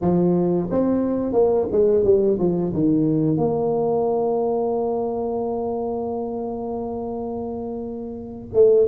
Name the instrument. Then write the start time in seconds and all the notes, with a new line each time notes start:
tuba
0.01 F3
0.70 C4
1.33 A#3
1.71 G#3
2.04 G3
2.39 F3
2.73 D#3
3.37 A#3
8.53 A3